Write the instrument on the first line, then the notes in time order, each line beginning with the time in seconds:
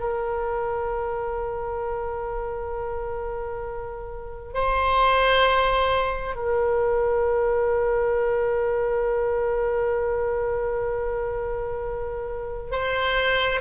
oboe
0.00 A#4
4.54 C5
6.36 A#4
12.72 C5